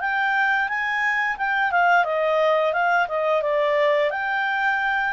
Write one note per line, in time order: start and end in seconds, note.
0.00 0.68 G5
0.68 1.36 G#5
1.37 1.71 G5
1.71 2.05 F5
2.05 2.73 D#5
2.73 3.07 F5
3.08 3.42 D#5
3.42 4.10 D5
4.10 5.13 G5